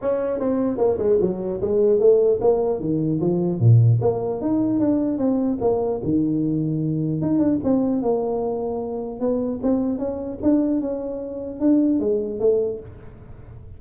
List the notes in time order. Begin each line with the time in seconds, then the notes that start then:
0.01 C#4
0.39 C4
0.77 A#3
0.98 G#3
1.20 F#3
1.61 G#3
1.99 A3
2.40 A#3
2.80 D#3
3.20 F3
3.59 A#2
4.01 A#3
4.41 D#4
4.79 D4
5.17 C4
5.60 A#3
6.03 D#3
7.21 D#4
7.38 D4
7.63 C4
8.02 A#3
9.20 B3
9.62 C4
9.98 C#4
10.42 D4
10.80 C#4
11.60 D4
11.99 G#3
12.39 A3